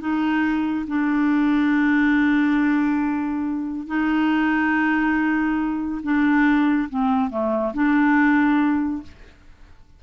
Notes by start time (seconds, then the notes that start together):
0.00 D#4
0.87 D4
3.87 D#4
6.03 D4
6.89 C4
7.30 A3
7.74 D4